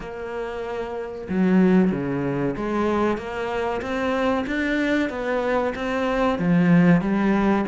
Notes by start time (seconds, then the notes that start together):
0.00 A#3
1.29 F#3
1.91 C#3
2.56 G#3
3.17 A#3
3.81 C4
4.47 D4
5.09 B3
5.75 C4
6.38 F3
7.01 G3